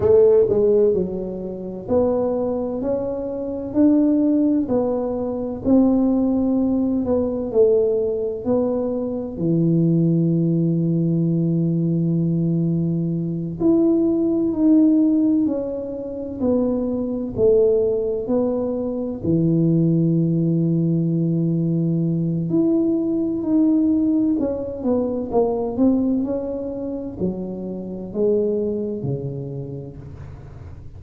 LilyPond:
\new Staff \with { instrumentName = "tuba" } { \time 4/4 \tempo 4 = 64 a8 gis8 fis4 b4 cis'4 | d'4 b4 c'4. b8 | a4 b4 e2~ | e2~ e8 e'4 dis'8~ |
dis'8 cis'4 b4 a4 b8~ | b8 e2.~ e8 | e'4 dis'4 cis'8 b8 ais8 c'8 | cis'4 fis4 gis4 cis4 | }